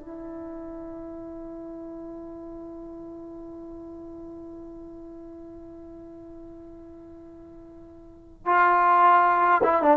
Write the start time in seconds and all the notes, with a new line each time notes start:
0.00 E4
8.46 F4
9.64 E4
9.83 D4